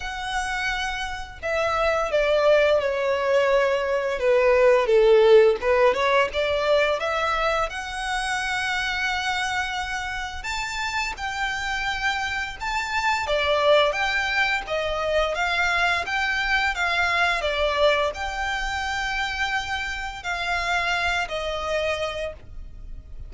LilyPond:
\new Staff \with { instrumentName = "violin" } { \time 4/4 \tempo 4 = 86 fis''2 e''4 d''4 | cis''2 b'4 a'4 | b'8 cis''8 d''4 e''4 fis''4~ | fis''2. a''4 |
g''2 a''4 d''4 | g''4 dis''4 f''4 g''4 | f''4 d''4 g''2~ | g''4 f''4. dis''4. | }